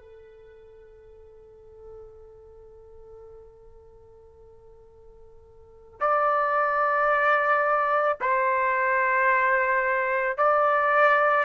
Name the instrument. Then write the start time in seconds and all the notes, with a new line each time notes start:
trumpet
0.00 A4
6.00 D5
8.21 C5
10.37 D5